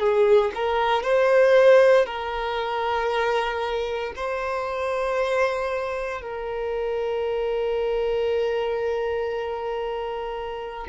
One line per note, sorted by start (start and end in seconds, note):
0.00 0.52 G#4
0.55 1.04 A#4
1.04 2.06 C5
2.06 4.13 A#4
4.17 6.22 C5
6.22 10.87 A#4